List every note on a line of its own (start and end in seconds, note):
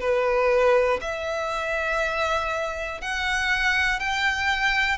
0.00 1.00 B4
1.01 3.00 E5
3.00 3.99 F#5
3.99 4.97 G5